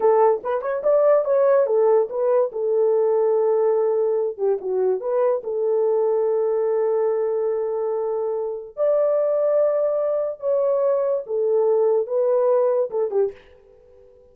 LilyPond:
\new Staff \with { instrumentName = "horn" } { \time 4/4 \tempo 4 = 144 a'4 b'8 cis''8 d''4 cis''4 | a'4 b'4 a'2~ | a'2~ a'8 g'8 fis'4 | b'4 a'2.~ |
a'1~ | a'4 d''2.~ | d''4 cis''2 a'4~ | a'4 b'2 a'8 g'8 | }